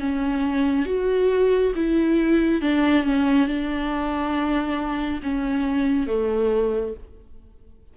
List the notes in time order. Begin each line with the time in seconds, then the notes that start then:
0.00 C#4
0.86 F#4
1.75 E4
2.61 D4
3.04 C#4
3.47 D4
5.23 C#4
6.07 A3